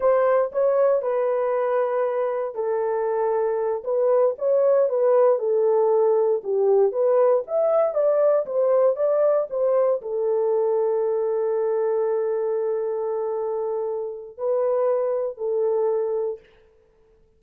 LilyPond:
\new Staff \with { instrumentName = "horn" } { \time 4/4 \tempo 4 = 117 c''4 cis''4 b'2~ | b'4 a'2~ a'8 b'8~ | b'8 cis''4 b'4 a'4.~ | a'8 g'4 b'4 e''4 d''8~ |
d''8 c''4 d''4 c''4 a'8~ | a'1~ | a'1 | b'2 a'2 | }